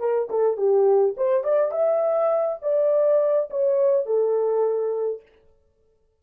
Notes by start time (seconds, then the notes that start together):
0.00 A#4
0.30 A4
0.58 G4
1.17 C5
1.44 D5
1.72 E5
2.62 D5
3.51 C#5
4.06 A4